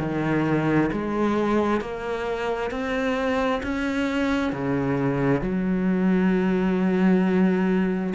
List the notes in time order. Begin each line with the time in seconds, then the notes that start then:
0.00 D#3
0.93 G#3
1.81 A#3
2.71 C4
3.63 C#4
4.53 C#3
5.42 F#3